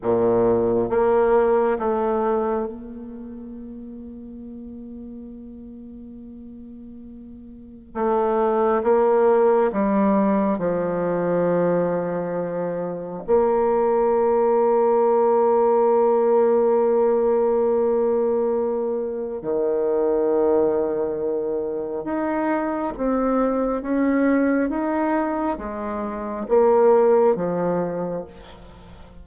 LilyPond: \new Staff \with { instrumentName = "bassoon" } { \time 4/4 \tempo 4 = 68 ais,4 ais4 a4 ais4~ | ais1~ | ais4 a4 ais4 g4 | f2. ais4~ |
ais1~ | ais2 dis2~ | dis4 dis'4 c'4 cis'4 | dis'4 gis4 ais4 f4 | }